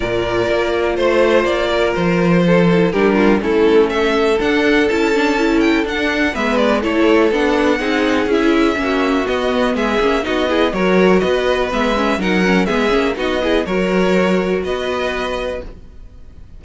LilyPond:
<<
  \new Staff \with { instrumentName = "violin" } { \time 4/4 \tempo 4 = 123 d''2 c''4 d''4 | c''2 ais'4 a'4 | e''4 fis''4 a''4. g''8 | fis''4 e''8 d''8 cis''4 fis''4~ |
fis''4 e''2 dis''4 | e''4 dis''4 cis''4 dis''4 | e''4 fis''4 e''4 dis''4 | cis''2 dis''2 | }
  \new Staff \with { instrumentName = "violin" } { \time 4/4 ais'2 c''4. ais'8~ | ais'4 a'4 g'8 f'8 e'4 | a'1~ | a'4 b'4 a'2 |
gis'2 fis'2 | gis'4 fis'8 gis'8 ais'4 b'4~ | b'4 ais'4 gis'4 fis'8 gis'8 | ais'2 b'2 | }
  \new Staff \with { instrumentName = "viola" } { \time 4/4 f'1~ | f'4. e'8 d'4 cis'4~ | cis'4 d'4 e'8 d'8 e'4 | d'4 b4 e'4 d'4 |
dis'4 e'4 cis'4 b4~ | b8 cis'8 dis'8 e'8 fis'2 | b8 cis'8 dis'8 cis'8 b8 cis'8 dis'8 e'8 | fis'1 | }
  \new Staff \with { instrumentName = "cello" } { \time 4/4 ais,4 ais4 a4 ais4 | f2 g4 a4~ | a4 d'4 cis'2 | d'4 gis4 a4 b4 |
c'4 cis'4 ais4 b4 | gis8 ais8 b4 fis4 b4 | gis4 fis4 gis8 ais8 b4 | fis2 b2 | }
>>